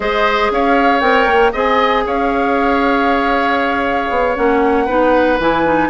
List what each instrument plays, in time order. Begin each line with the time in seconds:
0.00 bassoon G#3, clarinet G#4, oboe C5, flute D#5
0.50 bassoon C#4, oboe C#5, flute F5
1.00 bassoon C4, clarinet A#4, flute G5
1.25 bassoon A#3
1.52 bassoon C4, clarinet G#4, oboe D#5, flute G#5
2.06 bassoon C#4, oboe C#5, flute F5
4.10 bassoon B3
4.35 bassoon A#3, clarinet C#4, flute F#5
4.85 bassoon B3, clarinet D#4, oboe B4
5.39 bassoon E3, clarinet E4, flute G#5
5.65 clarinet D#4